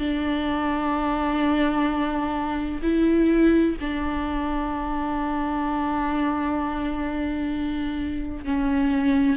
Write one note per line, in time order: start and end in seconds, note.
0.00 2.81 D4
2.83 3.77 E4
3.81 8.45 D4
8.45 9.37 C#4